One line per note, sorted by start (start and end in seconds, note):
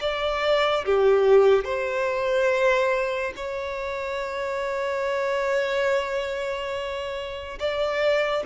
0.00 0.85 D5
0.85 1.64 G4
1.64 3.33 C5
3.36 7.58 C#5
7.59 8.43 D5